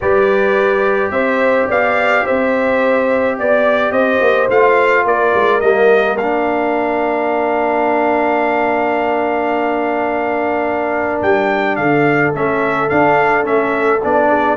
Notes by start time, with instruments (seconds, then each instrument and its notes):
0.01 tuba G3, trombone G4, horn B4, trumpet D5
1.10 tuba C4, horn C5, trumpet E5
1.68 tuba B3, horn D5, trumpet F5
2.25 tuba C4, horn C5, trumpet E5
3.38 tuba B3, horn D5, trumpet D5
3.90 tuba C4, horn C5, trumpet D#5
4.20 tuba A#3
4.49 tuba A3, trombone F4, trumpet F5
5.04 tuba A#3, horn A#4, trumpet D5
5.34 tuba G#3
5.60 tuba G3, trombone A#3, trumpet D#5
6.17 tuba A#3, trombone D4, trumpet F5
11.22 tuba G3, trumpet G5
11.75 tuba D3, horn A4, trumpet F5
12.34 tuba A3, trombone C#4, trumpet E5
12.89 trombone D4, tuba D4, trumpet F5
13.43 tuba A3, trombone C#4, trumpet E5
14.02 tuba B3, trombone D4, trumpet D5
14.29 horn G#4